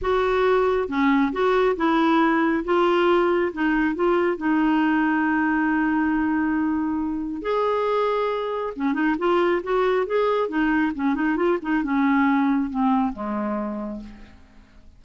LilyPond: \new Staff \with { instrumentName = "clarinet" } { \time 4/4 \tempo 4 = 137 fis'2 cis'4 fis'4 | e'2 f'2 | dis'4 f'4 dis'2~ | dis'1~ |
dis'4 gis'2. | cis'8 dis'8 f'4 fis'4 gis'4 | dis'4 cis'8 dis'8 f'8 dis'8 cis'4~ | cis'4 c'4 gis2 | }